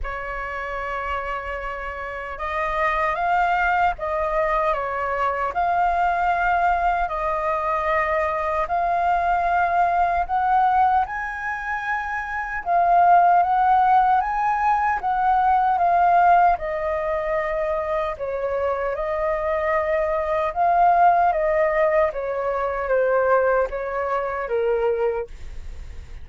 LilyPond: \new Staff \with { instrumentName = "flute" } { \time 4/4 \tempo 4 = 76 cis''2. dis''4 | f''4 dis''4 cis''4 f''4~ | f''4 dis''2 f''4~ | f''4 fis''4 gis''2 |
f''4 fis''4 gis''4 fis''4 | f''4 dis''2 cis''4 | dis''2 f''4 dis''4 | cis''4 c''4 cis''4 ais'4 | }